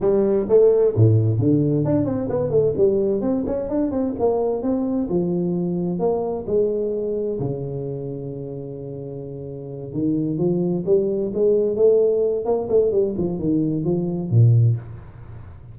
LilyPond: \new Staff \with { instrumentName = "tuba" } { \time 4/4 \tempo 4 = 130 g4 a4 a,4 d4 | d'8 c'8 b8 a8 g4 c'8 cis'8 | d'8 c'8 ais4 c'4 f4~ | f4 ais4 gis2 |
cis1~ | cis4. dis4 f4 g8~ | g8 gis4 a4. ais8 a8 | g8 f8 dis4 f4 ais,4 | }